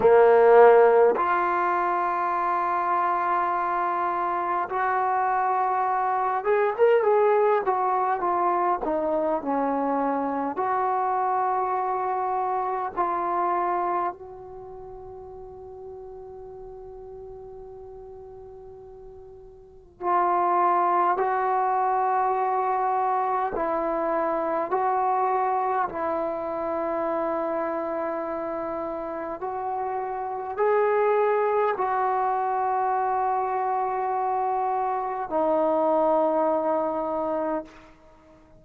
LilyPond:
\new Staff \with { instrumentName = "trombone" } { \time 4/4 \tempo 4 = 51 ais4 f'2. | fis'4. gis'16 ais'16 gis'8 fis'8 f'8 dis'8 | cis'4 fis'2 f'4 | fis'1~ |
fis'4 f'4 fis'2 | e'4 fis'4 e'2~ | e'4 fis'4 gis'4 fis'4~ | fis'2 dis'2 | }